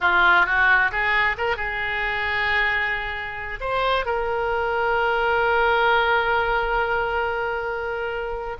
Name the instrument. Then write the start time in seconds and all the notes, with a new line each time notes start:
oboe
0.00 F4
0.46 F#4
0.91 G#4
1.37 A#4
1.56 G#4
3.60 C5
4.05 A#4